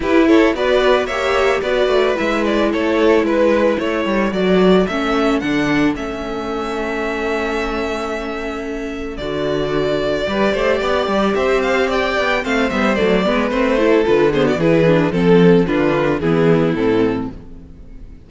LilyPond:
<<
  \new Staff \with { instrumentName = "violin" } { \time 4/4 \tempo 4 = 111 b'8 cis''8 d''4 e''4 d''4 | e''8 d''8 cis''4 b'4 cis''4 | d''4 e''4 fis''4 e''4~ | e''1~ |
e''4 d''2.~ | d''4 e''8 f''8 g''4 f''8 e''8 | d''4 c''4 b'8 c''16 d''16 b'4 | a'4 b'4 gis'4 a'4 | }
  \new Staff \with { instrumentName = "violin" } { \time 4/4 g'8 a'8 b'4 cis''4 b'4~ | b'4 a'4 b'4 a'4~ | a'1~ | a'1~ |
a'2. b'8 c''8 | d''4 c''4 d''4 c''4~ | c''8 b'4 a'4 gis'16 fis'16 gis'4 | a'4 f'4 e'2 | }
  \new Staff \with { instrumentName = "viola" } { \time 4/4 e'4 fis'4 g'4 fis'4 | e'1 | fis'4 cis'4 d'4 cis'4~ | cis'1~ |
cis'4 fis'2 g'4~ | g'2. c'8 b8 | a8 b8 c'8 e'8 f'8 b8 e'8 d'8 | c'4 d'4 b4 c'4 | }
  \new Staff \with { instrumentName = "cello" } { \time 4/4 e'4 b4 ais4 b8 a8 | gis4 a4 gis4 a8 g8 | fis4 a4 d4 a4~ | a1~ |
a4 d2 g8 a8 | b8 g8 c'4. b8 a8 g8 | fis8 gis8 a4 d4 e4 | f4 d4 e4 a,4 | }
>>